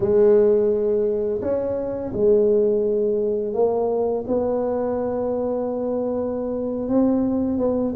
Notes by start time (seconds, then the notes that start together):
0.00 G#3
1.41 C#4
2.13 G#3
3.53 A#3
4.27 B3
6.88 C4
7.58 B3